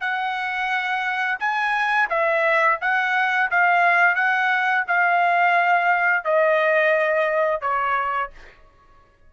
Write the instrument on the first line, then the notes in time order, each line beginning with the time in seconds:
trumpet
0.00 F#5
1.39 G#5
2.09 E5
2.81 F#5
3.50 F5
4.15 F#5
4.87 F5
6.24 D#5
7.61 C#5